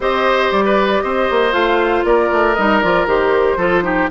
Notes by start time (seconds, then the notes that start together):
0.00 C4 G4 C5 D#5
0.51 G3 D5
0.64 B4
1.01 C4 C5 D#5
1.30 A#3
1.52 A3 F4 F5
2.04 A#3 A#4 D5
2.31 A3
2.54 G3 D#4 D#5
2.80 F3 F4 D5
3.06 D#3 G4 C5
3.57 F3 F4 A4
3.82 D#4 G4